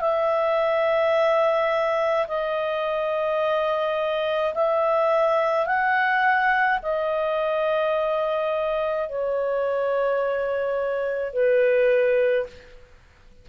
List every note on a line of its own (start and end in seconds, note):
0.00 2.26 E5
2.27 4.54 D#5
4.54 5.66 E5
5.66 6.79 F#5
6.82 9.09 D#5
9.09 11.33 C#5
11.33 12.46 B4